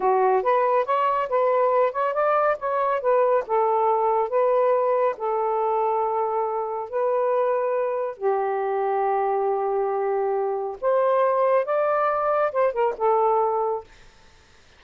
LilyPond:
\new Staff \with { instrumentName = "saxophone" } { \time 4/4 \tempo 4 = 139 fis'4 b'4 cis''4 b'4~ | b'8 cis''8 d''4 cis''4 b'4 | a'2 b'2 | a'1 |
b'2. g'4~ | g'1~ | g'4 c''2 d''4~ | d''4 c''8 ais'8 a'2 | }